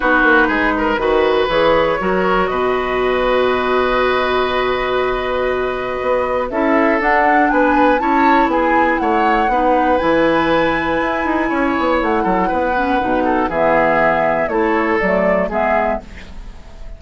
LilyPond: <<
  \new Staff \with { instrumentName = "flute" } { \time 4/4 \tempo 4 = 120 b'2. cis''4~ | cis''4 dis''2.~ | dis''1~ | dis''4 e''4 fis''4 gis''4 |
a''4 gis''4 fis''2 | gis''1 | fis''2. e''4~ | e''4 cis''4 d''4 e''4 | }
  \new Staff \with { instrumentName = "oboe" } { \time 4/4 fis'4 gis'8 ais'8 b'2 | ais'4 b'2.~ | b'1~ | b'4 a'2 b'4 |
cis''4 gis'4 cis''4 b'4~ | b'2. cis''4~ | cis''8 a'8 b'4. a'8 gis'4~ | gis'4 a'2 gis'4 | }
  \new Staff \with { instrumentName = "clarinet" } { \time 4/4 dis'2 fis'4 gis'4 | fis'1~ | fis'1~ | fis'4 e'4 d'2 |
e'2. dis'4 | e'1~ | e'4. cis'8 dis'4 b4~ | b4 e'4 a4 b4 | }
  \new Staff \with { instrumentName = "bassoon" } { \time 4/4 b8 ais8 gis4 dis4 e4 | fis4 b,2.~ | b,1 | b4 cis'4 d'4 b4 |
cis'4 b4 a4 b4 | e2 e'8 dis'8 cis'8 b8 | a8 fis8 b4 b,4 e4~ | e4 a4 fis4 gis4 | }
>>